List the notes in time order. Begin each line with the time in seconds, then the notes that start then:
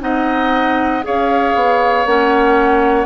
0.00 C4 D#4 D#5 F#5
1.03 C#4 G#4 C#5 F5
1.55 B3
2.06 A#3 C#4 F#5